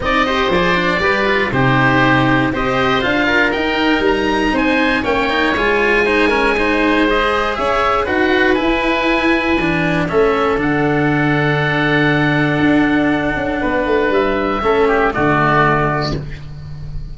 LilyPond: <<
  \new Staff \with { instrumentName = "oboe" } { \time 4/4 \tempo 4 = 119 dis''4 d''2 c''4~ | c''4 dis''4 f''4 g''4 | ais''4 gis''4 g''4 gis''4~ | gis''2 dis''4 e''4 |
fis''4 gis''2. | e''4 fis''2.~ | fis''1 | e''2 d''2 | }
  \new Staff \with { instrumentName = "oboe" } { \time 4/4 d''8 c''4. b'4 g'4~ | g'4 c''4. ais'4.~ | ais'4 c''4 cis''2 | c''8 ais'8 c''2 cis''4 |
b'1 | a'1~ | a'2. b'4~ | b'4 a'8 g'8 fis'2 | }
  \new Staff \with { instrumentName = "cello" } { \time 4/4 dis'8 g'8 gis'8 d'8 g'8 f'8 dis'4~ | dis'4 g'4 f'4 dis'4~ | dis'2 cis'8 dis'8 f'4 | dis'8 cis'8 dis'4 gis'2 |
fis'4 e'2 d'4 | cis'4 d'2.~ | d'1~ | d'4 cis'4 a2 | }
  \new Staff \with { instrumentName = "tuba" } { \time 4/4 c'4 f4 g4 c4~ | c4 c'4 d'4 dis'4 | g4 c'4 ais4 gis4~ | gis2. cis'4 |
dis'4 e'2 e4 | a4 d2.~ | d4 d'4. cis'8 b8 a8 | g4 a4 d2 | }
>>